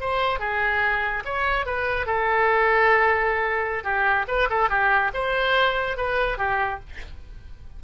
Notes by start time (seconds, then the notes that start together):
0.00 C5
0.39 G#4
1.25 C#5
1.65 B4
2.06 A4
3.84 G4
4.27 B4
4.49 A4
4.69 G4
5.13 C5
5.97 B4
6.38 G4